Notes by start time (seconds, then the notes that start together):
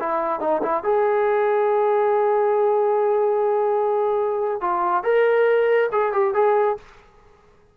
0.00 E4
0.40 D#4
0.63 E4
0.84 G#4
4.61 F4
5.04 A#4
5.92 G#4
6.13 G4
6.34 G#4